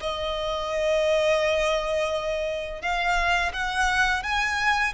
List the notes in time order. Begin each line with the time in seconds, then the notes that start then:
0.00 D#5
2.81 F5
3.53 F#5
4.23 G#5